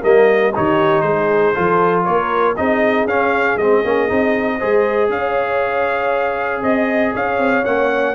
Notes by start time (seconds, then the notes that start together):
0.00 G3 A#3 A#4 D#5
0.55 D#3 D#4 G4 C#5
1.01 G#3 G#4 C5
1.55 F3 F4 A4
2.04 A#3 A#4 C#5
2.57 C4 D#4 G#4 D#5
3.05 C#4 F5
3.57 G#3 C4 D#5
3.84 A#3 C#4
4.09 C4 D#4
4.58 G#3 G#4 C5
5.09 C#4 C#5 F5
6.62 C4 D#5
7.14 C#4 C#5 F5
7.39 C4
7.65 A#3 C#4 F#5